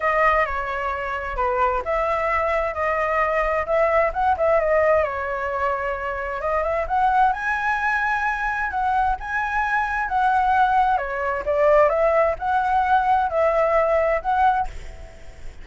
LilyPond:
\new Staff \with { instrumentName = "flute" } { \time 4/4 \tempo 4 = 131 dis''4 cis''2 b'4 | e''2 dis''2 | e''4 fis''8 e''8 dis''4 cis''4~ | cis''2 dis''8 e''8 fis''4 |
gis''2. fis''4 | gis''2 fis''2 | cis''4 d''4 e''4 fis''4~ | fis''4 e''2 fis''4 | }